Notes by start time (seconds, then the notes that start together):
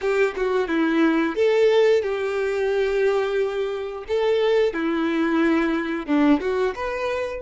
0.01 G4
0.36 F#4
0.68 E4
1.35 A4
2.02 G4
4.08 A4
4.73 E4
6.06 D4
6.40 F#4
6.75 B4